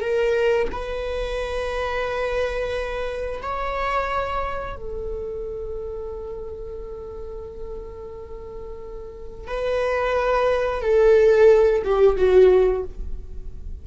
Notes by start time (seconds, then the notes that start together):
0.00 A#4
0.71 B4
3.42 C#5
4.76 A4
9.47 B4
10.81 A4
11.84 G4
12.16 F#4